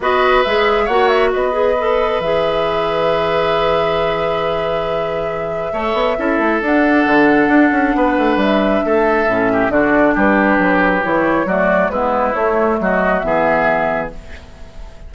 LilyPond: <<
  \new Staff \with { instrumentName = "flute" } { \time 4/4 \tempo 4 = 136 dis''4 e''4 fis''8 e''8 dis''4~ | dis''4 e''2.~ | e''1~ | e''2. fis''4~ |
fis''2. e''4~ | e''2 d''4 b'4~ | b'4 cis''4 d''4 b'4 | cis''4 dis''4 e''2 | }
  \new Staff \with { instrumentName = "oboe" } { \time 4/4 b'2 cis''4 b'4~ | b'1~ | b'1~ | b'4 cis''4 a'2~ |
a'2 b'2 | a'4. g'8 fis'4 g'4~ | g'2 fis'4 e'4~ | e'4 fis'4 gis'2 | }
  \new Staff \with { instrumentName = "clarinet" } { \time 4/4 fis'4 gis'4 fis'4. gis'8 | a'4 gis'2.~ | gis'1~ | gis'4 a'4 e'4 d'4~ |
d'1~ | d'4 cis'4 d'2~ | d'4 e'4 a4 b4 | a2 b2 | }
  \new Staff \with { instrumentName = "bassoon" } { \time 4/4 b4 gis4 ais4 b4~ | b4 e2.~ | e1~ | e4 a8 b8 cis'8 a8 d'4 |
d4 d'8 cis'8 b8 a8 g4 | a4 a,4 d4 g4 | fis4 e4 fis4 gis4 | a4 fis4 e2 | }
>>